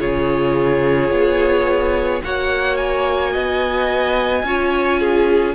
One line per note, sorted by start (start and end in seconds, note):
0.00 1.10 C#3
0.00 2.22 F4
0.00 2.22 G#4
0.00 2.23 C#5
1.10 2.21 B3
2.23 3.35 A#3
2.23 4.45 F#4
2.23 3.32 C#5
2.23 2.77 F#5
2.77 5.55 G#5
3.32 4.44 B3
3.32 4.43 D#5
4.44 5.55 C#4
4.44 5.55 F4
4.44 5.00 C#5
5.00 5.55 G#4